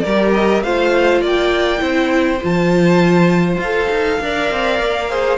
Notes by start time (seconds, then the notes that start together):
0.00 G3 A#4 D5
0.06 G4
0.34 D#5
0.63 A3 F4 C5 F5
1.22 A#3 D5 G5
1.78 C4 E4 C5
2.42 F3 F4 A5
3.58 F4 F5
3.64 A4
3.90 D#4
4.21 D4 A#4 D5
4.51 C4
4.80 A#3
5.10 G#4 C5